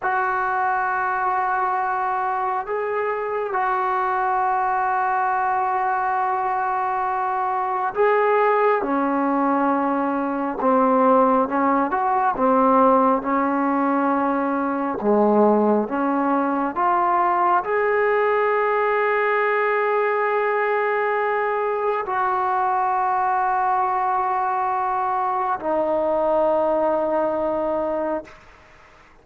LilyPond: \new Staff \with { instrumentName = "trombone" } { \time 4/4 \tempo 4 = 68 fis'2. gis'4 | fis'1~ | fis'4 gis'4 cis'2 | c'4 cis'8 fis'8 c'4 cis'4~ |
cis'4 gis4 cis'4 f'4 | gis'1~ | gis'4 fis'2.~ | fis'4 dis'2. | }